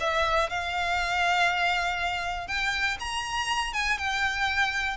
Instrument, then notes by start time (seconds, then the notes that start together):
violin
0.00 E5
0.50 F5
2.48 G5
3.00 A#5
3.73 G#5
3.98 G5